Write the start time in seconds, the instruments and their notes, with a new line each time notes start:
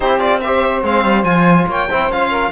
0.00 cello C4, trombone E4, saxophone G4, violin C5
0.19 trombone F4, violin D5
0.40 trombone G4, saxophone C5, violin E5
0.82 cello G#3, trombone C4, violin F5
1.03 cello G3
1.23 cello F3, trombone F4, violin G#5
1.67 cello A#3, saxophone C#5, violin G5
1.88 cello C4, trombone E4, saxophone C5
2.09 cello C#4, trombone F4, violin F5
2.29 saxophone A#4